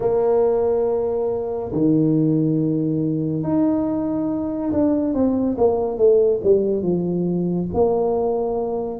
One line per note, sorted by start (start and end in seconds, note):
0.00 1.71 A#3
1.71 3.43 D#3
3.43 4.71 D#4
4.71 5.14 D4
5.14 5.56 C4
5.57 5.97 A#3
5.97 6.40 A3
6.43 6.82 G3
6.82 7.68 F3
7.73 9.00 A#3